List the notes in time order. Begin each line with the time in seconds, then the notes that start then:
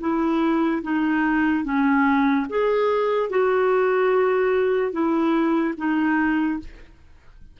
0.00 E4
0.83 D#4
1.64 C#4
2.50 G#4
3.30 F#4
4.92 E4
5.77 D#4